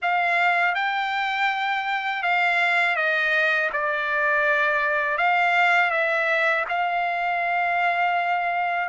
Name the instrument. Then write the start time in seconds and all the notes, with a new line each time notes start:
trumpet
0.02 F5
0.74 G5
2.23 F5
2.96 D#5
3.72 D5
5.17 F5
5.91 E5
6.68 F5